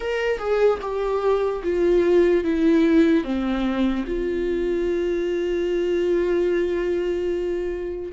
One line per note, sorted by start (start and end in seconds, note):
0.00 0.38 A#4
0.38 0.79 G#4
0.81 1.62 G4
1.63 2.44 F4
2.44 3.24 E4
3.24 4.05 C4
4.07 8.12 F4